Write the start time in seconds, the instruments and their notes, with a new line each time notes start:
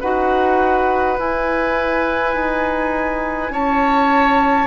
0.00 bassoon D#4, clarinet F#4, oboe B4, flute F#5
1.17 clarinet E4, bassoon E4, flute G#5
2.34 bassoon D#4
3.50 bassoon C#4, oboe C#5, flute A5